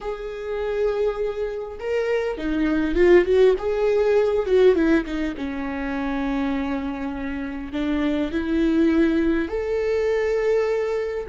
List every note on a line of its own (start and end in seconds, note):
0.00 1.78 G#4
1.79 2.37 A#4
2.37 2.95 D#4
2.95 3.25 F4
3.25 3.54 F#4
3.58 4.46 G#4
4.46 4.75 F#4
4.75 5.04 E4
5.05 5.34 D#4
5.36 7.72 C#4
7.72 8.31 D4
8.31 9.48 E4
9.48 11.26 A4